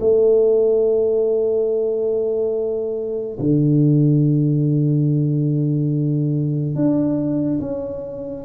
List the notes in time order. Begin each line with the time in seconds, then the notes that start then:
0.00 A3
3.40 D3
6.76 D4
7.61 C#4